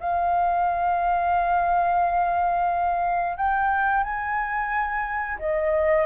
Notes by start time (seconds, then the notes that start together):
0.00 F5
3.37 G5
4.03 G#5
5.39 D#5